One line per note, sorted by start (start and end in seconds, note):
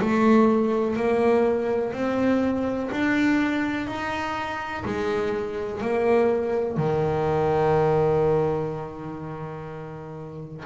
0.00 0.96 A3
0.96 1.93 A#3
1.93 2.89 C4
2.91 3.87 D4
3.87 4.83 D#4
4.85 5.81 G#3
5.81 6.77 A#3
6.77 10.64 D#3